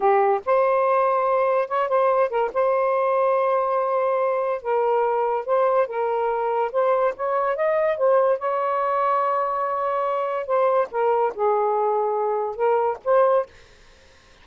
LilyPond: \new Staff \with { instrumentName = "saxophone" } { \time 4/4 \tempo 4 = 143 g'4 c''2. | cis''8 c''4 ais'8 c''2~ | c''2. ais'4~ | ais'4 c''4 ais'2 |
c''4 cis''4 dis''4 c''4 | cis''1~ | cis''4 c''4 ais'4 gis'4~ | gis'2 ais'4 c''4 | }